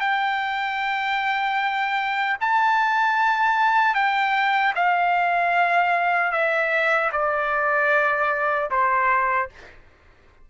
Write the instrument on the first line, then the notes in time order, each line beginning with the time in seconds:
trumpet
0.00 G5
2.40 A5
3.94 G5
4.75 F5
6.32 E5
7.12 D5
8.70 C5